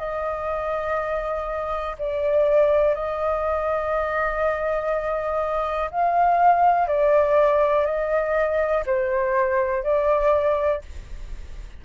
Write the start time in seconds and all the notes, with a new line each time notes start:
0.00 D#5
1.99 D5
2.96 D#5
5.92 F5
6.88 D5
7.86 D#5
8.86 C5
9.84 D5